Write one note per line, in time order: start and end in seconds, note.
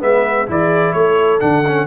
0.00 0.48 G#3
0.00 0.47 B3
0.00 0.48 B4
0.00 0.49 E5
0.47 0.94 E3
0.47 1.40 E4
0.47 0.96 G#4
0.47 0.93 D5
0.93 1.41 A3
0.93 1.86 A4
0.93 1.39 C#5
1.40 1.86 D3
1.40 1.63 D4
1.40 1.86 F#5
1.67 1.86 C#4